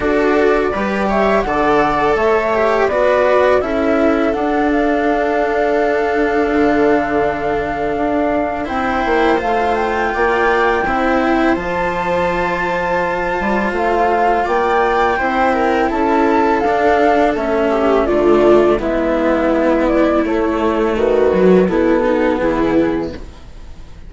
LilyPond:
<<
  \new Staff \with { instrumentName = "flute" } { \time 4/4 \tempo 4 = 83 d''4. e''8 fis''4 e''4 | d''4 e''4 fis''8 f''4.~ | f''1 | g''4 f''8 g''2~ g''8 |
a''2. f''4 | g''2 a''4 f''4 | e''4 d''4 e''4. d''8 | cis''4 b'4 a'4 gis'4 | }
  \new Staff \with { instrumentName = "viola" } { \time 4/4 a'4 b'8 cis''8 d''4 cis''4 | b'4 a'2.~ | a'1 | c''2 d''4 c''4~ |
c''1 | d''4 c''8 ais'8 a'2~ | a'8 g'8 f'4 e'2~ | e'4 fis'4 e'8 dis'8 e'4 | }
  \new Staff \with { instrumentName = "cello" } { \time 4/4 fis'4 g'4 a'4. g'8 | fis'4 e'4 d'2~ | d'1 | e'4 f'2 e'4 |
f'1~ | f'4 e'2 d'4 | cis'4 a4 b2 | a4. fis8 b2 | }
  \new Staff \with { instrumentName = "bassoon" } { \time 4/4 d'4 g4 d4 a4 | b4 cis'4 d'2~ | d'4 d2 d'4 | c'8 ais8 a4 ais4 c'4 |
f2~ f8 g8 a4 | ais4 c'4 cis'4 d'4 | a4 d4 gis2 | a4 dis4 b,4 e4 | }
>>